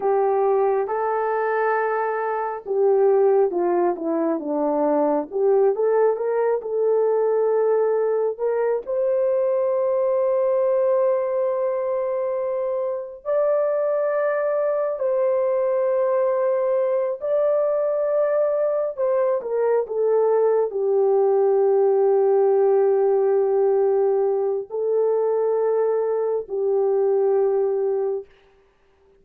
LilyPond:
\new Staff \with { instrumentName = "horn" } { \time 4/4 \tempo 4 = 68 g'4 a'2 g'4 | f'8 e'8 d'4 g'8 a'8 ais'8 a'8~ | a'4. ais'8 c''2~ | c''2. d''4~ |
d''4 c''2~ c''8 d''8~ | d''4. c''8 ais'8 a'4 g'8~ | g'1 | a'2 g'2 | }